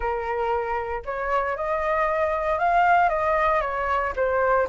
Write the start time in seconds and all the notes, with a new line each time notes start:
0.00 A#4
1.05 C#5
1.56 D#5
2.59 F5
3.09 D#5
3.61 C#5
4.15 C5